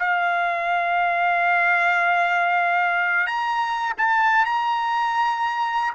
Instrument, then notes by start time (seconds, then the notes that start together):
trumpet
0.00 F5
3.28 A#5
3.98 A5
4.46 A#5